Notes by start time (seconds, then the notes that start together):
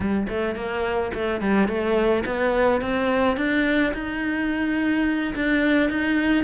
0.00 G3
0.28 A3
0.55 A#3
1.14 A3
1.40 G3
1.67 A3
2.25 B3
2.81 C4
3.36 D4
3.93 D#4
5.35 D4
5.89 D#4